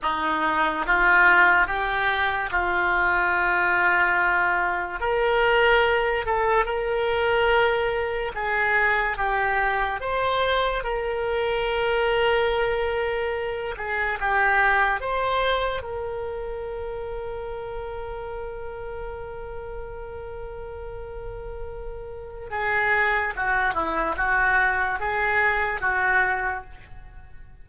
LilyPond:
\new Staff \with { instrumentName = "oboe" } { \time 4/4 \tempo 4 = 72 dis'4 f'4 g'4 f'4~ | f'2 ais'4. a'8 | ais'2 gis'4 g'4 | c''4 ais'2.~ |
ais'8 gis'8 g'4 c''4 ais'4~ | ais'1~ | ais'2. gis'4 | fis'8 e'8 fis'4 gis'4 fis'4 | }